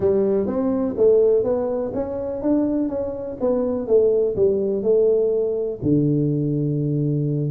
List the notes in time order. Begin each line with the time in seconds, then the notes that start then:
0.00 G3
0.47 C4
0.97 A3
1.43 B3
1.94 C#4
2.41 D4
2.89 C#4
3.40 B3
3.87 A3
4.35 G3
4.83 A3
5.82 D3